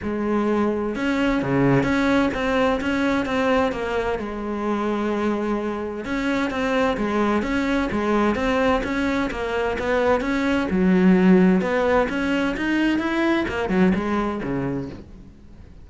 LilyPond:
\new Staff \with { instrumentName = "cello" } { \time 4/4 \tempo 4 = 129 gis2 cis'4 cis4 | cis'4 c'4 cis'4 c'4 | ais4 gis2.~ | gis4 cis'4 c'4 gis4 |
cis'4 gis4 c'4 cis'4 | ais4 b4 cis'4 fis4~ | fis4 b4 cis'4 dis'4 | e'4 ais8 fis8 gis4 cis4 | }